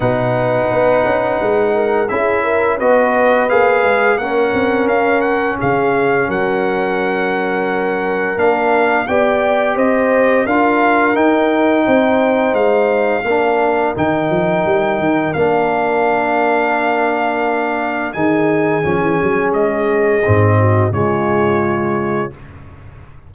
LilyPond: <<
  \new Staff \with { instrumentName = "trumpet" } { \time 4/4 \tempo 4 = 86 fis''2. e''4 | dis''4 f''4 fis''4 f''8 fis''8 | f''4 fis''2. | f''4 g''4 dis''4 f''4 |
g''2 f''2 | g''2 f''2~ | f''2 gis''2 | dis''2 cis''2 | }
  \new Staff \with { instrumentName = "horn" } { \time 4/4 b'2~ b'8 ais'8 gis'8 ais'8 | b'2 ais'2 | gis'4 ais'2.~ | ais'4 d''4 c''4 ais'4~ |
ais'4 c''2 ais'4~ | ais'1~ | ais'2 gis'2~ | gis'4. fis'8 f'2 | }
  \new Staff \with { instrumentName = "trombone" } { \time 4/4 dis'2. e'4 | fis'4 gis'4 cis'2~ | cis'1 | d'4 g'2 f'4 |
dis'2. d'4 | dis'2 d'2~ | d'2 dis'4 cis'4~ | cis'4 c'4 gis2 | }
  \new Staff \with { instrumentName = "tuba" } { \time 4/4 b,4 b8 cis'8 gis4 cis'4 | b4 ais8 gis8 ais8 c'8 cis'4 | cis4 fis2. | ais4 b4 c'4 d'4 |
dis'4 c'4 gis4 ais4 | dis8 f8 g8 dis8 ais2~ | ais2 dis4 f16 e16 fis8 | gis4 gis,4 cis2 | }
>>